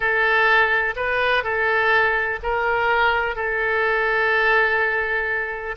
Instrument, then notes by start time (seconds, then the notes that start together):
oboe
0.00 A4
0.95 B4
1.43 A4
2.42 A#4
3.35 A4